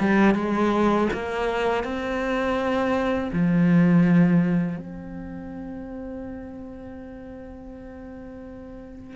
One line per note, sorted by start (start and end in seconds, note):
0.00 0.35 G3
0.35 1.08 G#3
1.13 1.84 A#3
1.84 3.31 C4
3.33 4.78 F3
4.78 9.16 C4